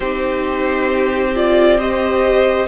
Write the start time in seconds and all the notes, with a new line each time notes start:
0.00 C4 D#4 G4 C5
1.34 F4 D5
1.79 G4 C5 D#5